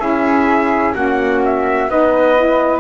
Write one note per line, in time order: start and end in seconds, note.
0.00 0.94 C#4
0.00 0.94 E4
0.00 0.95 G#4
0.00 0.94 E5
0.94 1.88 A#3
0.94 1.87 C#4
0.94 1.89 F#4
0.94 1.42 F#5
1.45 1.91 E5
1.88 2.81 B3
1.88 2.37 D#4
1.88 2.81 B4
1.88 2.81 D#5
2.37 2.81 E4